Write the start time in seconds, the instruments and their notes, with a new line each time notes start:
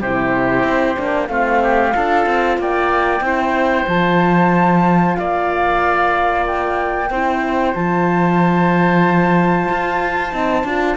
0.00 cello C3, horn E4, oboe G4, flute C5
0.63 cello C4
0.96 cello A#3, horn D4
1.27 cello A3, horn C4, oboe F4, flute F5
1.62 oboe G4
1.93 cello D4, horn F4, oboe A4
2.25 cello C4
2.58 cello A#3, oboe D5, flute G5
3.20 cello C4, horn E4, oboe C5
3.85 cello F3, horn F4, flute A5
5.15 cello A#3, oboe D5, flute F5
6.46 flute G5
7.09 cello C4, horn E4, oboe C5
7.74 cello F3, horn F4, flute A5
9.69 cello F4
10.32 cello C4, horn D#4
10.63 cello D4, horn F4